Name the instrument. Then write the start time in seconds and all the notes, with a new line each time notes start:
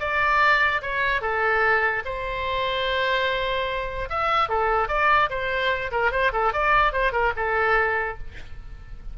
oboe
0.00 D5
0.82 C#5
1.22 A4
2.05 C5
4.10 E5
4.49 A4
4.89 D5
5.30 C5
5.91 A#4
6.12 C5
6.33 A4
6.53 D5
6.93 C5
7.12 A#4
7.37 A4